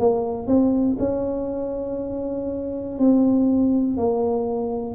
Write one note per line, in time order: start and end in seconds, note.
0.00 0.48 A#3
0.48 0.98 C4
0.99 2.99 C#4
2.99 3.98 C4
3.98 4.95 A#3